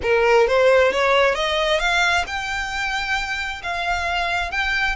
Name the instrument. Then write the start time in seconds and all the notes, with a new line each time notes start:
violin
0.02 A#4
0.47 C5
0.91 C#5
1.35 D#5
1.79 F5
2.26 G5
3.62 F5
4.51 G5